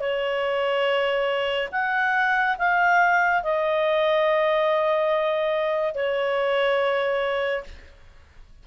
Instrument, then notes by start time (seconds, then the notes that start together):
clarinet
0.00 C#5
1.72 F#5
2.59 F5
3.43 D#5
5.95 C#5